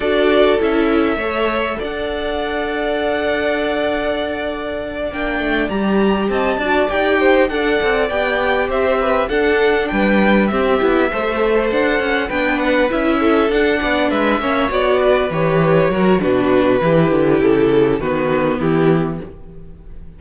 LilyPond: <<
  \new Staff \with { instrumentName = "violin" } { \time 4/4 \tempo 4 = 100 d''4 e''2 fis''4~ | fis''1~ | fis''8 g''4 ais''4 a''4 g''8~ | g''8 fis''4 g''4 e''4 fis''8~ |
fis''8 g''4 e''2 fis''8~ | fis''8 g''8 fis''8 e''4 fis''4 e''8~ | e''8 d''4 cis''4. b'4~ | b'4 a'4 b'4 g'4 | }
  \new Staff \with { instrumentName = "violin" } { \time 4/4 a'2 cis''4 d''4~ | d''1~ | d''2~ d''8 dis''8 d''4 | c''8 d''2 c''8 b'8 a'8~ |
a'8 b'4 g'4 c''4.~ | c''8 b'4. a'4 d''8 b'8 | cis''4 b'4. ais'8 fis'4 | g'2 fis'4 e'4 | }
  \new Staff \with { instrumentName = "viola" } { \time 4/4 fis'4 e'4 a'2~ | a'1~ | a'8 d'4 g'4. fis'8 g'8~ | g'8 a'4 g'2 d'8~ |
d'4. c'8 e'8 a'4.~ | a'8 d'4 e'4 d'4. | cis'8 fis'4 g'4 fis'8 d'4 | e'2 b2 | }
  \new Staff \with { instrumentName = "cello" } { \time 4/4 d'4 cis'4 a4 d'4~ | d'1~ | d'8 ais8 a8 g4 c'8 d'8 dis'8~ | dis'8 d'8 c'8 b4 c'4 d'8~ |
d'8 g4 c'8 b8 a4 d'8 | cis'8 b4 cis'4 d'8 b8 gis8 | ais8 b4 e4 fis8 b,4 | e8 d8 cis4 dis4 e4 | }
>>